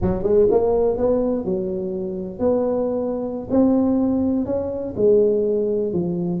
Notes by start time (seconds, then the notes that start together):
0.01 F#3
0.23 G#3
0.51 A#3
0.97 B3
1.44 F#3
2.39 B3
3.50 C4
4.45 C#4
4.96 G#3
5.93 F3